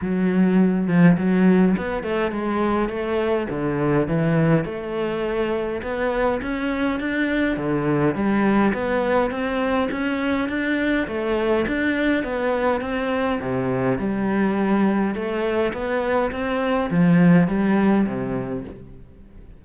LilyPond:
\new Staff \with { instrumentName = "cello" } { \time 4/4 \tempo 4 = 103 fis4. f8 fis4 b8 a8 | gis4 a4 d4 e4 | a2 b4 cis'4 | d'4 d4 g4 b4 |
c'4 cis'4 d'4 a4 | d'4 b4 c'4 c4 | g2 a4 b4 | c'4 f4 g4 c4 | }